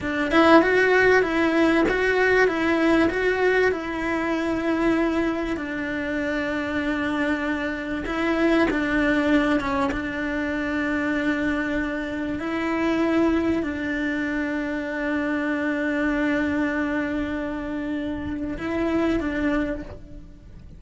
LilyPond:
\new Staff \with { instrumentName = "cello" } { \time 4/4 \tempo 4 = 97 d'8 e'8 fis'4 e'4 fis'4 | e'4 fis'4 e'2~ | e'4 d'2.~ | d'4 e'4 d'4. cis'8 |
d'1 | e'2 d'2~ | d'1~ | d'2 e'4 d'4 | }